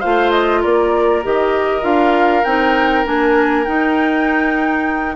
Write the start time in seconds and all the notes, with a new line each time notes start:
0.00 A3 F4 C5 F5
0.31 D#5
0.61 A#3 A#4 D5
1.23 D#3 G4 D#5
1.82 D4 F4 F5
2.44 C4 D#4 G5
3.05 A#3 D4 G#5
3.64 D#4 G5